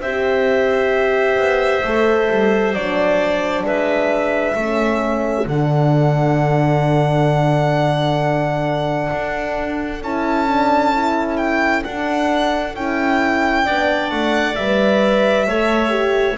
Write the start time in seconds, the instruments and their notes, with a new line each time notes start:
0.00 double bass C4, horn G4, clarinet C5, violin E5
1.37 double bass B3
1.83 double bass A3, horn A4
2.30 double bass G3
2.73 double bass F#3, horn D4, violin D5
3.62 double bass G#3, clarinet B4, violin E5
4.54 double bass A3, horn C#4, clarinet A4
5.46 double bass D3, horn D4, violin F#5
9.12 double bass D4
10.01 double bass C#4, horn E4, violin A5
10.47 horn D4
10.93 horn E4
11.37 violin G5
11.83 horn D4, double bass D4, violin F#5
12.75 double bass C#4, horn E4, violin G5
13.64 double bass B3, horn D4, clarinet D5
14.10 double bass A3, violin F#5
14.55 double bass G3, horn B4, violin E5
15.46 double bass A3, horn A4, clarinet C#5
15.89 horn G4